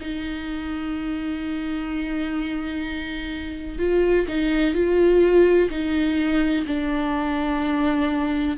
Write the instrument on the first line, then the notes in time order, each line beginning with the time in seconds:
viola
0.00 D#4
3.78 F4
4.27 D#4
4.74 F4
5.70 D#4
6.66 D4